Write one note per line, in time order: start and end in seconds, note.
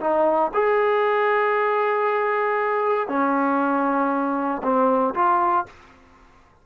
0.00 0.51 D#4
0.53 3.08 G#4
3.08 4.62 C#4
4.63 5.14 C4
5.14 5.65 F4